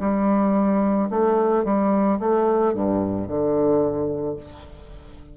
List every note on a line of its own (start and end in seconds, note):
0.00 1.09 G3
1.10 1.64 A3
1.64 2.19 G3
2.19 2.74 A3
2.74 3.27 G2
3.27 4.36 D3